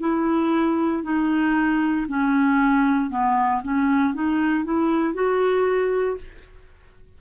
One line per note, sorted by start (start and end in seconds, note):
0.00 1.03 E4
1.03 2.06 D#4
2.08 3.10 C#4
3.10 3.62 B3
3.63 4.14 C#4
4.14 4.65 D#4
4.65 5.14 E4
5.14 6.17 F#4